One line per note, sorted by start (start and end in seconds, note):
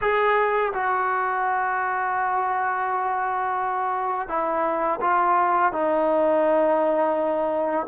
0.01 0.72 G#4
0.73 4.28 F#4
4.28 4.99 E4
5.00 5.72 F4
5.72 7.86 D#4